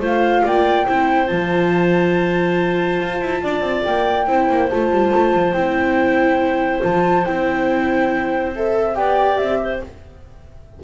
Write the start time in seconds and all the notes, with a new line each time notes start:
0.00 A3 F4 C5 F5
0.44 A#3 D5 G5
0.86 C4 E4 C5
1.27 F3 F4 A5
3.01 F4
3.22 E4
3.43 D4 D5
3.61 C4
3.84 A#3 G5
4.27 C4 E4 C5
4.50 A#3
4.70 A3 F4 A5
4.91 G3
5.15 A3
5.34 F3
5.53 C4 E4 G5
6.82 F3 F4 A5
7.26 C4 E4 G5
8.56 A4 E5
8.95 B3 G4 D5 G5
9.38 C4 E5
9.63 C5